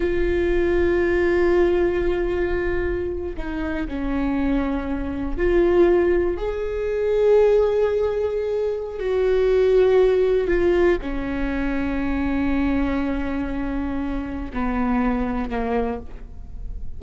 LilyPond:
\new Staff \with { instrumentName = "viola" } { \time 4/4 \tempo 4 = 120 f'1~ | f'2~ f'8. dis'4 cis'16~ | cis'2~ cis'8. f'4~ f'16~ | f'8. gis'2.~ gis'16~ |
gis'2 fis'2~ | fis'4 f'4 cis'2~ | cis'1~ | cis'4 b2 ais4 | }